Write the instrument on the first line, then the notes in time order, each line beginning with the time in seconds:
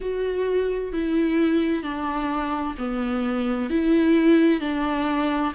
viola
0.00 F#4
0.92 E4
1.82 D4
2.78 B3
3.69 E4
4.60 D4